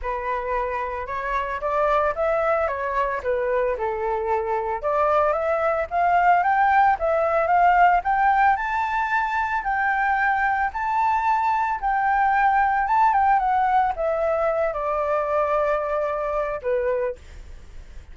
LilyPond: \new Staff \with { instrumentName = "flute" } { \time 4/4 \tempo 4 = 112 b'2 cis''4 d''4 | e''4 cis''4 b'4 a'4~ | a'4 d''4 e''4 f''4 | g''4 e''4 f''4 g''4 |
a''2 g''2 | a''2 g''2 | a''8 g''8 fis''4 e''4. d''8~ | d''2. b'4 | }